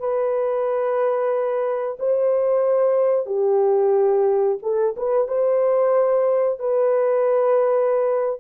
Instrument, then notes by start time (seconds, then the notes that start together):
horn
0.00 B4
2.00 C5
3.27 G4
4.63 A4
4.97 B4
5.28 C5
6.59 B4